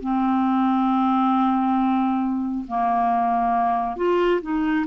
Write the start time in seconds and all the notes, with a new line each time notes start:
0.00 C4
2.68 A#3
3.96 F4
4.42 D#4